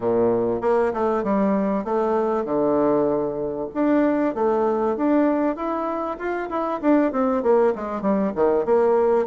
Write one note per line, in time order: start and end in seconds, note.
0.00 0.61 A#2
0.61 0.92 A#3
0.93 1.23 A3
1.23 1.84 G3
1.84 2.44 A3
2.44 3.68 D3
3.74 4.35 D4
4.35 4.96 A3
4.96 5.56 D4
5.56 6.17 E4
6.18 6.49 F4
6.49 6.80 E4
6.81 7.12 D4
7.12 7.42 C4
7.42 7.73 A#3
7.75 8.01 G#3
8.01 8.32 G3
8.35 8.65 D#3
8.65 9.26 A#3